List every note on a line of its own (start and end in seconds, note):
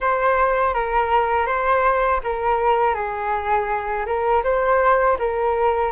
0.00 0.74 C5
0.74 1.46 A#4
1.46 2.20 C5
2.23 2.94 A#4
2.94 4.05 G#4
4.06 4.42 A#4
4.43 5.17 C5
5.19 5.92 A#4